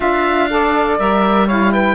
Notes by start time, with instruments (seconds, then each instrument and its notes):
0.00 cello D4, saxophone F4, flute E5, oboe F5
0.50 saxophone A4, flute D5
0.98 cello G3, saxophone A#4, oboe E5
1.46 saxophone E4, flute C#5, oboe F5
1.72 flute B4, oboe G5